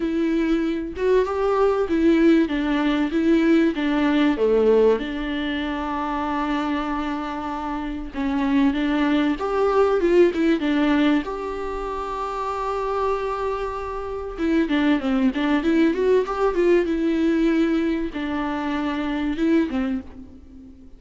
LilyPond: \new Staff \with { instrumentName = "viola" } { \time 4/4 \tempo 4 = 96 e'4. fis'8 g'4 e'4 | d'4 e'4 d'4 a4 | d'1~ | d'4 cis'4 d'4 g'4 |
f'8 e'8 d'4 g'2~ | g'2. e'8 d'8 | c'8 d'8 e'8 fis'8 g'8 f'8 e'4~ | e'4 d'2 e'8 c'8 | }